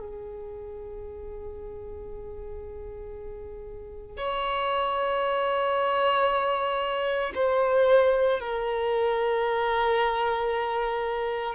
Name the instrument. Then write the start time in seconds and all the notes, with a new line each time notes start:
violin
0.00 G#4
4.18 C#5
7.35 C5
8.40 A#4